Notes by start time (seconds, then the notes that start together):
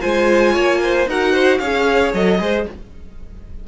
0.00 G#3 F4 C5 G#5
0.53 A#3 C#5
0.83 C5
1.06 D#4 F#4 A#4 F#5
1.32 C5
1.58 C#4 G#4 C#5 F5
2.13 F#3 A4 D#5
2.39 G#3 G#4 C5